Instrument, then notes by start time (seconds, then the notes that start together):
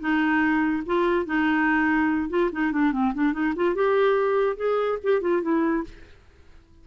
clarinet
0.00 D#4
0.86 F4
1.26 D#4
2.30 F4
2.52 D#4
2.72 D4
2.92 C4
3.14 D4
3.33 D#4
3.56 F4
3.75 G4
4.57 G#4
5.03 G4
5.21 F4
5.42 E4